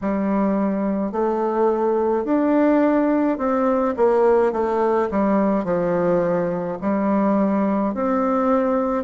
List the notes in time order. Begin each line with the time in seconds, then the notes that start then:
0.01 G3
1.12 A3
2.24 D4
3.38 C4
3.96 A#3
4.52 A3
5.10 G3
5.64 F3
6.81 G3
7.94 C4